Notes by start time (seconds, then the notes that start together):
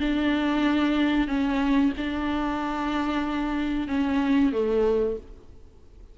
0.00 D4
1.28 C#4
1.97 D4
3.88 C#4
4.52 A3